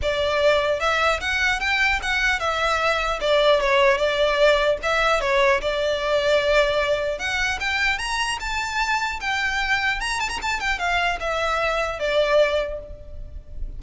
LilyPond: \new Staff \with { instrumentName = "violin" } { \time 4/4 \tempo 4 = 150 d''2 e''4 fis''4 | g''4 fis''4 e''2 | d''4 cis''4 d''2 | e''4 cis''4 d''2~ |
d''2 fis''4 g''4 | ais''4 a''2 g''4~ | g''4 ais''8 a''16 ais''16 a''8 g''8 f''4 | e''2 d''2 | }